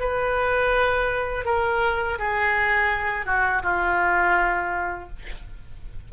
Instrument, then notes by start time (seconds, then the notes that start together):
oboe
0.00 B4
1.45 A#4
2.19 G#4
3.26 F#4
3.63 F4